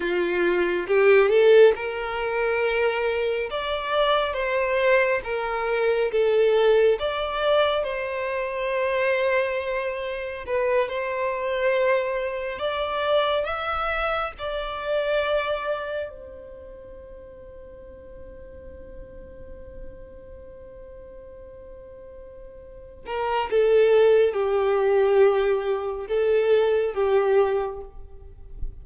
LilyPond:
\new Staff \with { instrumentName = "violin" } { \time 4/4 \tempo 4 = 69 f'4 g'8 a'8 ais'2 | d''4 c''4 ais'4 a'4 | d''4 c''2. | b'8 c''2 d''4 e''8~ |
e''8 d''2 c''4.~ | c''1~ | c''2~ c''8 ais'8 a'4 | g'2 a'4 g'4 | }